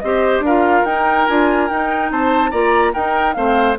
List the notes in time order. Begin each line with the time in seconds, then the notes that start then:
0.00 C4 G4 C5 D#5
0.40 D4 A#4
0.46 F4 F5
0.85 D#4 G5
1.27 D4 F4 G#5
1.68 D#4 G5
2.11 C4 C5 A5
2.51 A#3 F4 D5 A#5
2.93 D#4 A#4 G5
3.34 A3 C4 C5 F5